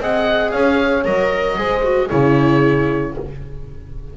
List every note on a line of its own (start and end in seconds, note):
0.00 0.53 C4
0.00 1.05 G#4
0.00 0.51 D#5
0.00 0.51 F#5
0.51 1.05 C#4
0.51 1.57 C#5
0.51 1.04 F5
1.05 1.58 F#3
1.05 1.56 A#4
1.05 2.09 D#5
1.56 2.10 G#3
1.56 1.82 G#4
1.56 2.08 C5
1.83 2.09 F#4
2.08 3.17 C#3
2.08 3.15 E4
2.08 3.13 G#4
2.08 3.14 C#5